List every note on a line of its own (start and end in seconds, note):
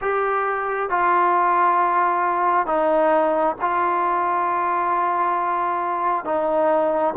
0.01 0.90 G4
0.90 2.66 F4
2.66 3.55 D#4
3.61 6.24 F4
6.24 7.14 D#4